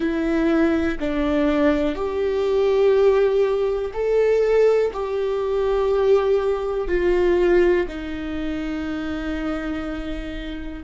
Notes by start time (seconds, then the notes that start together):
0.00 E4
0.99 D4
1.95 G4
3.93 A4
4.93 G4
6.88 F4
7.88 D#4